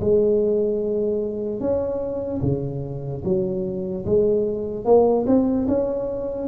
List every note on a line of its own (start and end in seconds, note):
0.00 1.60 G#3
1.60 2.41 C#4
2.42 3.23 C#3
3.24 4.05 F#3
4.05 4.85 G#3
4.85 5.25 A#3
5.26 5.67 C4
5.68 6.48 C#4